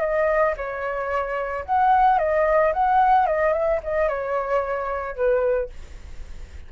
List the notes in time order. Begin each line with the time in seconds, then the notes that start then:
0.00 D#5
0.57 C#5
1.65 F#5
2.18 D#5
2.73 F#5
3.26 D#5
3.52 E5
3.83 D#5
4.08 C#5
5.15 B4